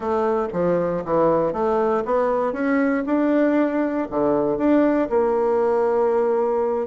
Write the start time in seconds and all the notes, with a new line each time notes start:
0.00 A3
0.52 F3
1.04 E3
1.52 A3
2.05 B3
2.52 C#4
3.06 D4
4.10 D3
4.57 D4
5.09 A#3